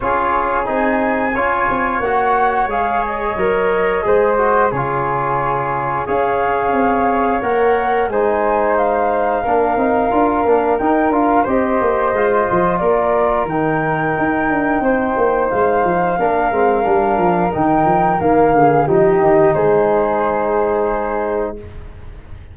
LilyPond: <<
  \new Staff \with { instrumentName = "flute" } { \time 4/4 \tempo 4 = 89 cis''4 gis''2 fis''4 | f''8 dis''2~ dis''8 cis''4~ | cis''4 f''2 fis''4 | gis''4 f''2. |
g''8 f''8 dis''2 d''4 | g''2. f''4~ | f''2 g''4 f''4 | dis''4 c''2. | }
  \new Staff \with { instrumentName = "flute" } { \time 4/4 gis'2 cis''2~ | cis''2 c''4 gis'4~ | gis'4 cis''2. | c''2 ais'2~ |
ais'4 c''2 ais'4~ | ais'2 c''2 | ais'2.~ ais'8 gis'8 | g'4 gis'2. | }
  \new Staff \with { instrumentName = "trombone" } { \time 4/4 f'4 dis'4 f'4 fis'4 | gis'4 ais'4 gis'8 fis'8 f'4~ | f'4 gis'2 ais'4 | dis'2 d'8 dis'8 f'8 d'8 |
dis'8 f'8 g'4 f'2 | dis'1 | d'8 c'8 d'4 dis'4 ais4 | dis'1 | }
  \new Staff \with { instrumentName = "tuba" } { \time 4/4 cis'4 c'4 cis'8 c'8 ais4 | gis4 fis4 gis4 cis4~ | cis4 cis'4 c'4 ais4 | gis2 ais8 c'8 d'8 ais8 |
dis'8 d'8 c'8 ais8 gis8 f8 ais4 | dis4 dis'8 d'8 c'8 ais8 gis8 f8 | ais8 gis8 g8 f8 dis8 f8 dis8 d8 | f8 dis8 gis2. | }
>>